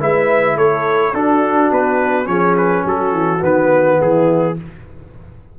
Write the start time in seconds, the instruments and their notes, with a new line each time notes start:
0.00 tuba G#3, trombone E4, horn B4, trumpet E5
0.56 tuba A3, horn A4, trumpet C#5
1.14 tuba D4, trombone D4, horn F#4, trumpet A4
1.71 tuba B3, trumpet B4
2.25 tuba F3, trombone C#4, horn G#4, trumpet C#5
2.57 trumpet B4
2.85 tuba F#3, horn F#4, trumpet A4
3.12 tuba E3
3.40 tuba D#3, trombone B3, trumpet B4
4.00 tuba E3, horn E4, trumpet G#4